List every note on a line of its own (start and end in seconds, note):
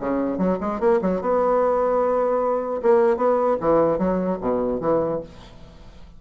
0.00 0.38 C#3
0.38 0.58 F#3
0.61 0.80 G#3
0.80 1.00 A#3
1.02 1.21 F#3
1.21 2.81 B3
2.83 3.17 A#3
3.17 3.57 B3
3.61 3.99 E3
3.99 4.39 F#3
4.41 4.81 B2
4.81 5.21 E3